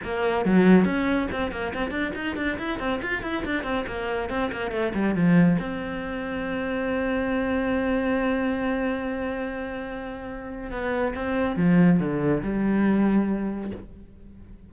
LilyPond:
\new Staff \with { instrumentName = "cello" } { \time 4/4 \tempo 4 = 140 ais4 fis4 cis'4 c'8 ais8 | c'8 d'8 dis'8 d'8 e'8 c'8 f'8 e'8 | d'8 c'8 ais4 c'8 ais8 a8 g8 | f4 c'2.~ |
c'1~ | c'1~ | c'4 b4 c'4 f4 | d4 g2. | }